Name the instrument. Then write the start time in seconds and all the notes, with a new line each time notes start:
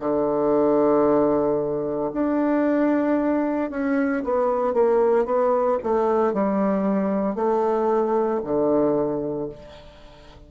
bassoon
0.00 D3
2.14 D4
3.71 C#4
4.24 B3
4.74 A#3
5.26 B3
5.83 A3
6.33 G3
7.36 A3
8.44 D3